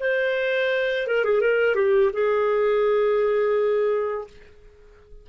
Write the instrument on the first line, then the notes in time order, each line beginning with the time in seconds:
clarinet
0.00 C5
1.07 A#4
1.24 G#4
1.41 A#4
1.75 G4
2.13 G#4